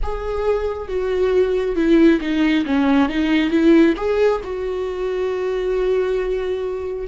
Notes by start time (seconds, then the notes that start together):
0.02 G#4
0.88 F#4
1.75 E4
2.20 D#4
2.65 C#4
3.08 D#4
3.50 E4
3.97 G#4
4.43 F#4